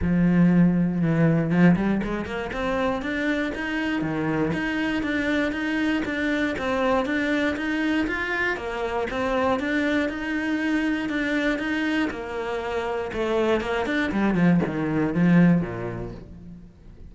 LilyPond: \new Staff \with { instrumentName = "cello" } { \time 4/4 \tempo 4 = 119 f2 e4 f8 g8 | gis8 ais8 c'4 d'4 dis'4 | dis4 dis'4 d'4 dis'4 | d'4 c'4 d'4 dis'4 |
f'4 ais4 c'4 d'4 | dis'2 d'4 dis'4 | ais2 a4 ais8 d'8 | g8 f8 dis4 f4 ais,4 | }